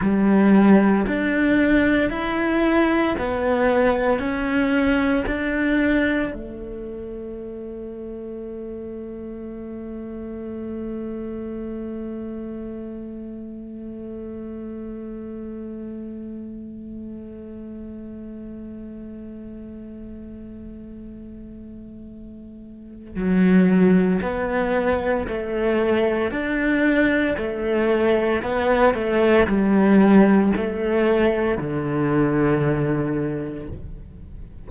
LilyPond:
\new Staff \with { instrumentName = "cello" } { \time 4/4 \tempo 4 = 57 g4 d'4 e'4 b4 | cis'4 d'4 a2~ | a1~ | a1~ |
a1~ | a2 fis4 b4 | a4 d'4 a4 b8 a8 | g4 a4 d2 | }